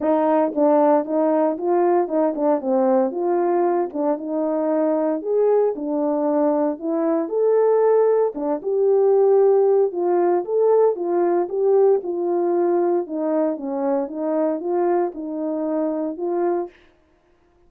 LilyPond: \new Staff \with { instrumentName = "horn" } { \time 4/4 \tempo 4 = 115 dis'4 d'4 dis'4 f'4 | dis'8 d'8 c'4 f'4. d'8 | dis'2 gis'4 d'4~ | d'4 e'4 a'2 |
d'8 g'2~ g'8 f'4 | a'4 f'4 g'4 f'4~ | f'4 dis'4 cis'4 dis'4 | f'4 dis'2 f'4 | }